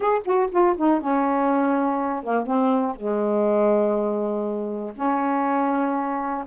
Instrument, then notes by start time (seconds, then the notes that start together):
saxophone
0.00 G#4
0.24 F#4
0.51 F4
0.77 D#4
1.01 C#4
2.23 A#3
2.46 C4
2.95 G#3
4.95 C#4